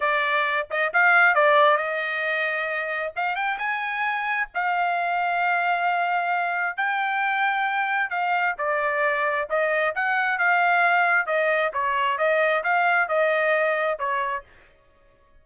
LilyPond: \new Staff \with { instrumentName = "trumpet" } { \time 4/4 \tempo 4 = 133 d''4. dis''8 f''4 d''4 | dis''2. f''8 g''8 | gis''2 f''2~ | f''2. g''4~ |
g''2 f''4 d''4~ | d''4 dis''4 fis''4 f''4~ | f''4 dis''4 cis''4 dis''4 | f''4 dis''2 cis''4 | }